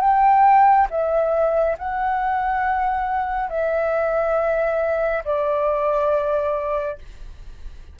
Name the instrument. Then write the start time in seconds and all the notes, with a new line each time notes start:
flute
0.00 G5
0.90 E5
1.78 F#5
3.49 E5
5.24 D5